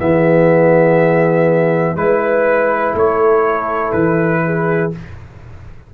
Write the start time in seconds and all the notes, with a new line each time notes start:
0.00 E3 B3 G#4 E5
1.95 G#3 E4 B4
2.94 A3 A4 C#5
3.93 E3 B4
4.45 G#4